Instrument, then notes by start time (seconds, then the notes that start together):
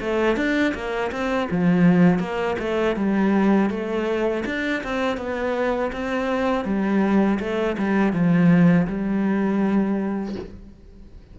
cello
0.00 A3
0.36 D4
0.74 A#3
1.11 C4
1.51 F3
2.19 A#3
2.59 A3
2.96 G3
3.70 A3
4.45 D4
4.83 C4
5.17 B3
5.92 C4
6.64 G3
7.39 A3
7.77 G3
8.12 F3
8.87 G3